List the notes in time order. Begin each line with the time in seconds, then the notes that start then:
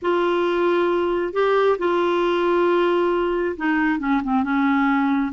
0.02 F4
1.33 G4
1.78 F4
3.56 D#4
3.99 C#4
4.23 C4
4.43 C#4